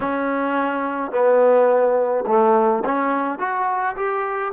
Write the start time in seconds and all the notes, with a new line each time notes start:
0.00 C#4
1.11 B3
2.26 A3
2.85 C#4
3.39 F#4
3.96 G4